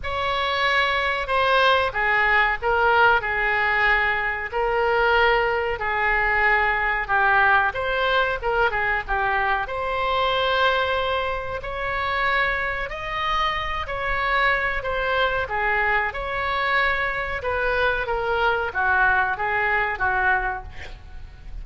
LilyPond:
\new Staff \with { instrumentName = "oboe" } { \time 4/4 \tempo 4 = 93 cis''2 c''4 gis'4 | ais'4 gis'2 ais'4~ | ais'4 gis'2 g'4 | c''4 ais'8 gis'8 g'4 c''4~ |
c''2 cis''2 | dis''4. cis''4. c''4 | gis'4 cis''2 b'4 | ais'4 fis'4 gis'4 fis'4 | }